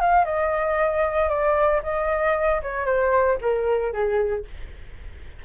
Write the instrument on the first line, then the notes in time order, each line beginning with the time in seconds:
flute
0.00 F5
0.24 D#5
1.29 D5
1.83 D#5
2.62 C#5
2.86 C5
3.41 A#4
3.92 G#4